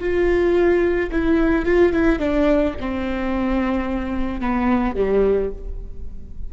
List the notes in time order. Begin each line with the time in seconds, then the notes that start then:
0.00 F4
1.12 E4
1.65 F4
1.93 E4
2.19 D4
2.80 C4
4.41 B3
4.95 G3